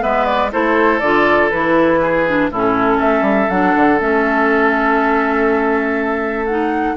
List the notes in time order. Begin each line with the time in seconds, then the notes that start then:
0.00 G#3 B3 B4 E5
0.26 D5
0.52 A3 E4 A4 C5
1.00 D3 F4 D5
1.50 E3 E4 B4
2.02 G#4
2.27 D4
2.51 A2 C#4 E4 A4
2.98 A3 A4 E5
3.22 G3
3.50 F#3 D4 F#5
3.76 D3
3.99 A3 C#4 E5
6.47 D#4 F#5